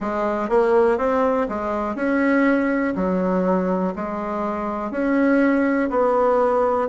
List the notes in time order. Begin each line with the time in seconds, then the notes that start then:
0.00 G#3
0.49 A#3
0.98 C4
1.48 G#3
1.95 C#4
2.95 F#3
3.95 G#3
4.91 C#4
5.90 B3